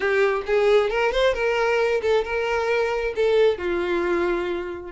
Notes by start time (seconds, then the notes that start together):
0.00 G4
0.46 G#4
0.90 A#4
1.12 C5
1.34 A#4
2.02 A4
2.24 A#4
3.15 A4
3.58 F4